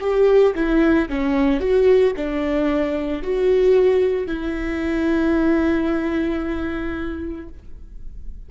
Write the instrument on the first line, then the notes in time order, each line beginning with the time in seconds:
viola
0.00 G4
0.55 E4
1.09 C#4
1.60 F#4
2.16 D4
3.22 F#4
4.27 E4